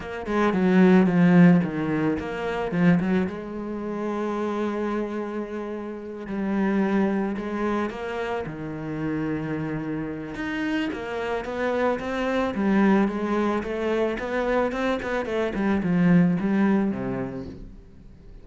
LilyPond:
\new Staff \with { instrumentName = "cello" } { \time 4/4 \tempo 4 = 110 ais8 gis8 fis4 f4 dis4 | ais4 f8 fis8 gis2~ | gis2.~ gis8 g8~ | g4. gis4 ais4 dis8~ |
dis2. dis'4 | ais4 b4 c'4 g4 | gis4 a4 b4 c'8 b8 | a8 g8 f4 g4 c4 | }